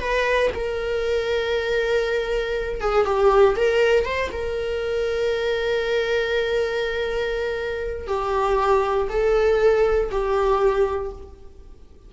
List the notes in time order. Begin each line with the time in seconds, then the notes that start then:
0.00 B4
0.55 A#4
2.81 G#4
3.05 G4
3.56 A#4
4.05 C5
4.32 A#4
8.07 G4
9.09 A4
10.11 G4